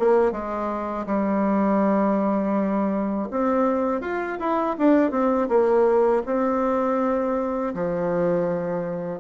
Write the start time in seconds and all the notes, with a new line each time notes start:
0.00 A#3
0.32 G#3
1.07 G3
3.31 C4
4.02 F4
4.40 E4
4.79 D4
5.12 C4
5.49 A#3
6.26 C4
7.75 F3